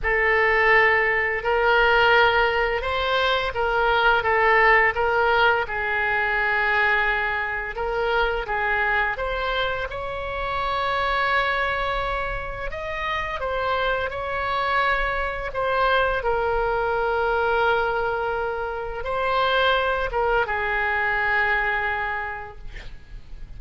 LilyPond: \new Staff \with { instrumentName = "oboe" } { \time 4/4 \tempo 4 = 85 a'2 ais'2 | c''4 ais'4 a'4 ais'4 | gis'2. ais'4 | gis'4 c''4 cis''2~ |
cis''2 dis''4 c''4 | cis''2 c''4 ais'4~ | ais'2. c''4~ | c''8 ais'8 gis'2. | }